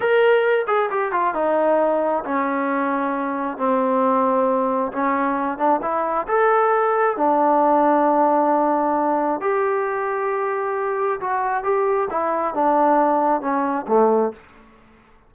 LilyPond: \new Staff \with { instrumentName = "trombone" } { \time 4/4 \tempo 4 = 134 ais'4. gis'8 g'8 f'8 dis'4~ | dis'4 cis'2. | c'2. cis'4~ | cis'8 d'8 e'4 a'2 |
d'1~ | d'4 g'2.~ | g'4 fis'4 g'4 e'4 | d'2 cis'4 a4 | }